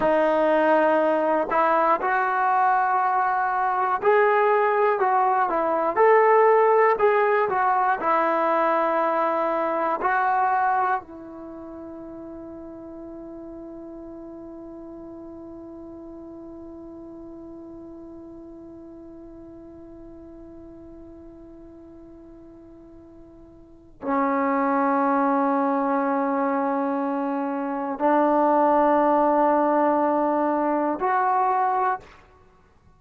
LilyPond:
\new Staff \with { instrumentName = "trombone" } { \time 4/4 \tempo 4 = 60 dis'4. e'8 fis'2 | gis'4 fis'8 e'8 a'4 gis'8 fis'8 | e'2 fis'4 e'4~ | e'1~ |
e'1~ | e'1 | cis'1 | d'2. fis'4 | }